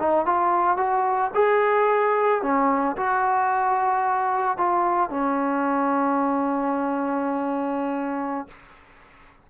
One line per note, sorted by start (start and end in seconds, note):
0.00 0.26 D#4
0.26 0.77 F4
0.77 1.31 F#4
1.35 2.43 G#4
2.43 2.97 C#4
2.97 4.58 F#4
4.58 5.10 F4
5.10 8.48 C#4